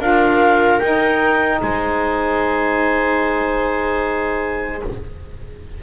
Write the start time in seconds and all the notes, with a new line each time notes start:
0.00 D4 F4 A#4 F5
0.80 D#4 G5
1.62 G#3 C5 G#5